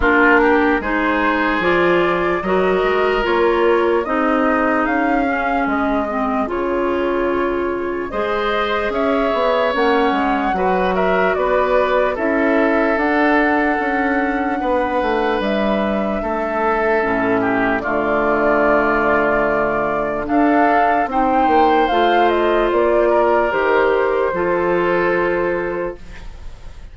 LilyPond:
<<
  \new Staff \with { instrumentName = "flute" } { \time 4/4 \tempo 4 = 74 ais'4 c''4 d''4 dis''4 | cis''4 dis''4 f''4 dis''4 | cis''2 dis''4 e''4 | fis''4. e''8 d''4 e''4 |
fis''2. e''4~ | e''2 d''2~ | d''4 f''4 g''4 f''8 dis''8 | d''4 c''2. | }
  \new Staff \with { instrumentName = "oboe" } { \time 4/4 f'8 g'8 gis'2 ais'4~ | ais'4 gis'2.~ | gis'2 c''4 cis''4~ | cis''4 b'8 ais'8 b'4 a'4~ |
a'2 b'2 | a'4. g'8 f'2~ | f'4 a'4 c''2~ | c''8 ais'4. a'2 | }
  \new Staff \with { instrumentName = "clarinet" } { \time 4/4 d'4 dis'4 f'4 fis'4 | f'4 dis'4. cis'4 c'8 | f'2 gis'2 | cis'4 fis'2 e'4 |
d'1~ | d'4 cis'4 a2~ | a4 d'4 dis'4 f'4~ | f'4 g'4 f'2 | }
  \new Staff \with { instrumentName = "bassoon" } { \time 4/4 ais4 gis4 f4 fis8 gis8 | ais4 c'4 cis'4 gis4 | cis2 gis4 cis'8 b8 | ais8 gis8 fis4 b4 cis'4 |
d'4 cis'4 b8 a8 g4 | a4 a,4 d2~ | d4 d'4 c'8 ais8 a4 | ais4 dis4 f2 | }
>>